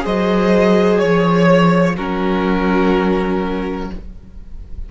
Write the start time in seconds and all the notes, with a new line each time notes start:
0.00 F#3 G#4 C5 D#5
0.99 F3 C#5
1.96 F#3 C#4 F#4 A#4